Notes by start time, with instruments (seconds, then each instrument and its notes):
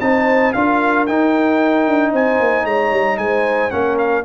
0.00 tuba C4, trombone D#4, horn C5, trumpet A5
0.53 tuba D4, trombone F4, horn A#4, trumpet F5
1.06 trombone D#4, tuba D#4, trumpet G5
1.87 tuba D4
2.12 tuba C4, horn C5, trumpet G#5
2.39 tuba A#3
2.64 tuba G#3, horn C#5, trumpet A#5
2.91 tuba G3
3.18 tuba G#3, horn C5, trumpet G#5
3.70 tuba A#3, trombone C#4, horn A#4, trumpet F#5
3.98 trumpet F5